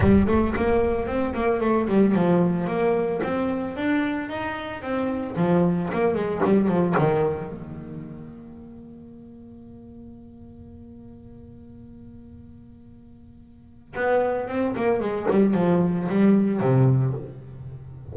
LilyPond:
\new Staff \with { instrumentName = "double bass" } { \time 4/4 \tempo 4 = 112 g8 a8 ais4 c'8 ais8 a8 g8 | f4 ais4 c'4 d'4 | dis'4 c'4 f4 ais8 gis8 | g8 f8 dis4 ais2~ |
ais1~ | ais1~ | ais2 b4 c'8 ais8 | gis8 g8 f4 g4 c4 | }